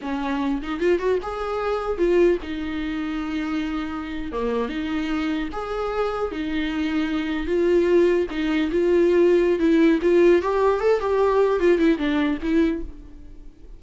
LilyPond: \new Staff \with { instrumentName = "viola" } { \time 4/4 \tempo 4 = 150 cis'4. dis'8 f'8 fis'8 gis'4~ | gis'4 f'4 dis'2~ | dis'2~ dis'8. ais4 dis'16~ | dis'4.~ dis'16 gis'2 dis'16~ |
dis'2~ dis'8. f'4~ f'16~ | f'8. dis'4 f'2~ f'16 | e'4 f'4 g'4 a'8 g'8~ | g'4 f'8 e'8 d'4 e'4 | }